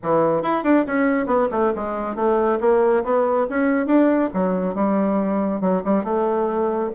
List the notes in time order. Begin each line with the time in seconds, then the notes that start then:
0.03 E3
0.42 E4
0.63 D4
0.86 C#4
1.26 B3
1.51 A3
1.75 G#3
2.15 A3
2.60 A#3
3.03 B3
3.49 C#4
3.86 D4
4.33 F#3
4.74 G3
5.60 F#3
5.84 G3
6.04 A3